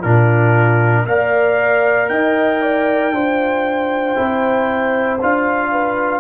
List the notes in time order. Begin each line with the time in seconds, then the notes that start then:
0.00 A#2 D4 F4 A#4
1.06 A#3 A#4 D5 F5
2.09 D#4 D#5 G5
2.62 D5
3.12 D4 F4 C5
4.16 C4 E4
5.21 D4 F4 F5
5.72 B4